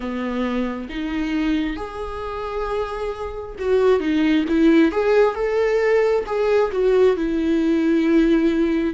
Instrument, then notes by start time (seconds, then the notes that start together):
viola
0.00 B3
0.89 D#4
1.76 G#4
3.58 F#4
3.99 D#4
4.48 E4
4.91 G#4
5.34 A4
6.26 G#4
6.71 F#4
7.16 E4